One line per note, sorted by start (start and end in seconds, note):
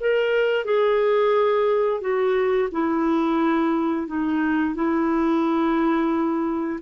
0.00 0.64 A#4
0.64 2.01 G#4
2.01 2.69 F#4
2.71 4.07 E4
4.07 4.74 D#4
4.74 6.79 E4